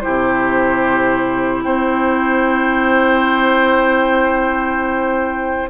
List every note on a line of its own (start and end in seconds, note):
0.00 5.68 E4
0.00 1.64 G4
0.00 1.62 C5
0.06 1.64 C3
1.62 5.69 C4
1.62 5.69 C5
1.62 5.68 G5